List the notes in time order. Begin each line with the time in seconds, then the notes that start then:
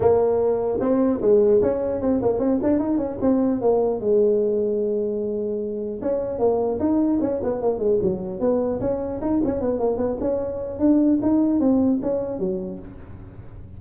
0.00 A#3
0.80 C4
1.21 G#3
1.61 C#4
2.01 C4
2.22 A#3
2.39 C4
2.62 D4
2.79 D#4
2.97 C#4
3.21 C4
3.61 A#3
4.00 G#3
6.01 C#4
6.38 A#3
6.79 D#4
7.20 C#4
7.43 B3
7.61 A#3
7.79 G#3
8.02 F#3
8.40 B3
8.80 C#4
9.21 D#4
9.44 C#4
9.60 B3
9.79 A#3
9.97 B3
10.20 C#4
10.79 D4
11.21 D#4
11.60 C4
12.01 C#4
12.39 F#3